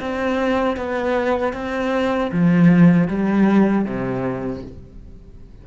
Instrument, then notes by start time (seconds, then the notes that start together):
cello
0.00 C4
0.77 B3
1.53 C4
2.32 F3
3.08 G3
3.85 C3